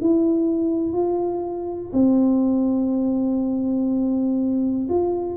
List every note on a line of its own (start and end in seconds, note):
0.00 0.93 E4
0.93 1.91 F4
1.93 4.88 C4
4.88 5.37 F4